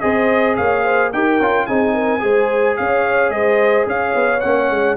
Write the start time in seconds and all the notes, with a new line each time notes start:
0.00 C4 G#4 C5 D#5
0.56 A#3 C#5 F5
0.84 C5
1.12 D#4 G4 A#4 G5
1.40 C#4 F4
1.66 C4 D#4 G#4 G#5
1.94 A#4
2.19 G#3 G#4 C5
2.76 C#4 C#5 F5
3.29 G#3 C5 D#5
3.86 C#4 C#5 F5
4.15 B3
4.40 A#3 C#4 F#5
4.70 G#3